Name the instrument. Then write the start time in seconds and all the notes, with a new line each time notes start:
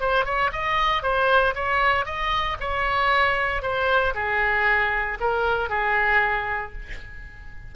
oboe
0.00 C5
0.25 C#5
0.52 D#5
1.02 C5
1.55 C#5
2.05 D#5
2.60 C#5
3.62 C5
4.14 G#4
5.20 A#4
5.69 G#4